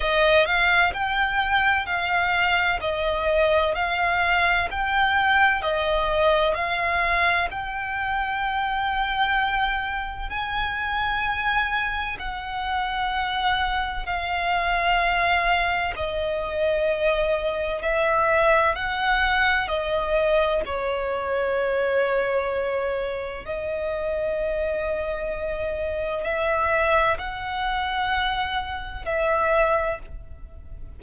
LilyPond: \new Staff \with { instrumentName = "violin" } { \time 4/4 \tempo 4 = 64 dis''8 f''8 g''4 f''4 dis''4 | f''4 g''4 dis''4 f''4 | g''2. gis''4~ | gis''4 fis''2 f''4~ |
f''4 dis''2 e''4 | fis''4 dis''4 cis''2~ | cis''4 dis''2. | e''4 fis''2 e''4 | }